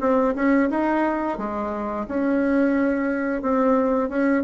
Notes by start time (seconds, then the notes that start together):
0.00 C4
0.35 C#4
0.70 D#4
1.38 G#3
2.08 C#4
3.42 C4
4.09 C#4